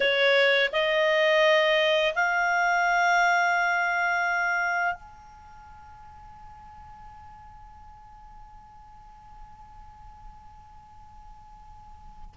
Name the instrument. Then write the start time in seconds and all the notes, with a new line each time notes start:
clarinet
0.00 C#5
0.72 D#5
2.14 F5
4.94 G#5